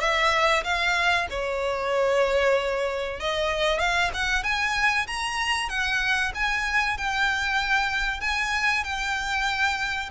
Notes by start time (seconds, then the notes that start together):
0.00 E5
0.63 F5
1.30 C#5
3.20 D#5
3.79 F5
4.13 F#5
4.43 G#5
5.07 A#5
5.69 F#5
6.34 G#5
6.97 G5
8.20 G#5
8.83 G5